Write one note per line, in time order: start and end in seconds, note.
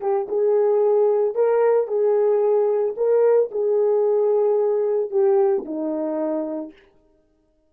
0.00 0.27 G4
0.28 1.35 G#4
1.35 1.87 A#4
1.87 2.94 G#4
2.96 3.50 A#4
3.51 5.10 G#4
5.10 5.63 G4
5.65 6.72 D#4